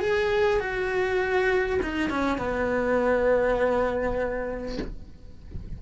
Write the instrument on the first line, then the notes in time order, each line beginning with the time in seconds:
cello
0.00 G#4
0.60 F#4
1.82 D#4
2.10 C#4
2.38 B3